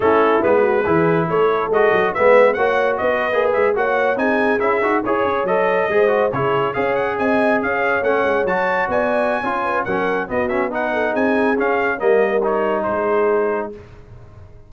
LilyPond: <<
  \new Staff \with { instrumentName = "trumpet" } { \time 4/4 \tempo 4 = 140 a'4 b'2 cis''4 | dis''4 e''4 fis''4 dis''4~ | dis''16 e''8 fis''4 gis''4 e''4 cis''16~ | cis''8. dis''2 cis''4 f''16~ |
f''16 fis''8 gis''4 f''4 fis''4 a''16~ | a''8. gis''2~ gis''16 fis''4 | dis''8 e''8 fis''4 gis''4 f''4 | dis''4 cis''4 c''2 | }
  \new Staff \with { instrumentName = "horn" } { \time 4/4 e'4. fis'8 gis'4 a'4~ | a'4 b'4 cis''4 b'4~ | b'8. cis''4 gis'2 cis''16~ | cis''4.~ cis''16 c''4 gis'4 cis''16~ |
cis''8. dis''4 cis''2~ cis''16~ | cis''8. d''4~ d''16 cis''8 b'8 ais'4 | fis'4 b'8 a'8 gis'2 | ais'2 gis'2 | }
  \new Staff \with { instrumentName = "trombone" } { \time 4/4 cis'4 b4 e'2 | fis'4 b4 fis'4.~ fis'16 gis'16~ | gis'8. fis'4 dis'4 e'8 fis'8 gis'16~ | gis'8. a'4 gis'8 fis'8 e'4 gis'16~ |
gis'2~ gis'8. cis'4 fis'16~ | fis'2 f'4 cis'4 | b8 cis'8 dis'2 cis'4 | ais4 dis'2. | }
  \new Staff \with { instrumentName = "tuba" } { \time 4/4 a4 gis4 e4 a4 | gis8 fis8 gis4 ais4 b8. ais16~ | ais16 gis8 ais4 c'4 cis'8 dis'8 e'16~ | e'16 cis'8 fis4 gis4 cis4 cis'16~ |
cis'8. c'4 cis'4 a8 gis8 fis16~ | fis8. b4~ b16 cis'4 fis4 | b2 c'4 cis'4 | g2 gis2 | }
>>